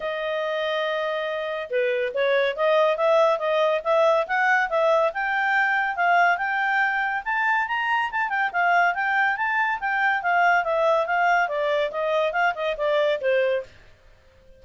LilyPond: \new Staff \with { instrumentName = "clarinet" } { \time 4/4 \tempo 4 = 141 dis''1 | b'4 cis''4 dis''4 e''4 | dis''4 e''4 fis''4 e''4 | g''2 f''4 g''4~ |
g''4 a''4 ais''4 a''8 g''8 | f''4 g''4 a''4 g''4 | f''4 e''4 f''4 d''4 | dis''4 f''8 dis''8 d''4 c''4 | }